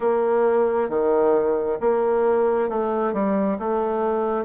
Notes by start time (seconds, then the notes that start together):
0.00 A#3
0.89 D#3
1.80 A#3
2.69 A3
3.13 G3
3.58 A3